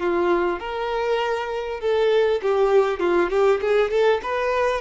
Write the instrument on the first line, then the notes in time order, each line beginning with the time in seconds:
violin
0.00 F4
0.60 A#4
1.80 A4
2.42 G4
3.00 F4
3.30 G4
3.61 G#4
3.91 A4
4.23 B4